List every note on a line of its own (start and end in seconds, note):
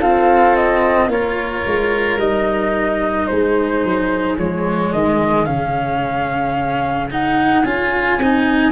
0.00 1.10 C4
0.00 1.08 F4
0.00 1.09 A4
0.00 0.56 F5
0.56 1.10 D#5
1.08 1.62 A#3
1.08 2.19 F4
1.08 3.30 A#4
1.08 2.19 C#5
1.67 2.17 G#3
2.17 3.26 G3
2.17 4.38 D#4
2.17 3.27 D#5
3.27 3.85 G#3
3.27 8.73 G#4
3.27 4.36 C5
3.85 4.38 F#3
4.38 4.93 F3
4.38 5.47 G#3
4.38 4.93 C#5
4.93 5.48 D#3
4.93 5.45 D#5
5.45 7.65 C#3
5.45 7.10 C#4
5.45 7.09 F5
7.11 7.65 D#4
7.11 7.65 F#5
7.65 8.19 C#4
7.65 8.20 F4
7.65 8.73 G#5
8.19 8.73 C4
8.19 8.73 D#4